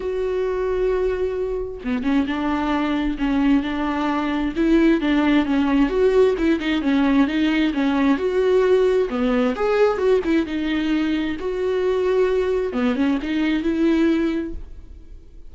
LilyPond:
\new Staff \with { instrumentName = "viola" } { \time 4/4 \tempo 4 = 132 fis'1 | b8 cis'8 d'2 cis'4 | d'2 e'4 d'4 | cis'4 fis'4 e'8 dis'8 cis'4 |
dis'4 cis'4 fis'2 | b4 gis'4 fis'8 e'8 dis'4~ | dis'4 fis'2. | b8 cis'8 dis'4 e'2 | }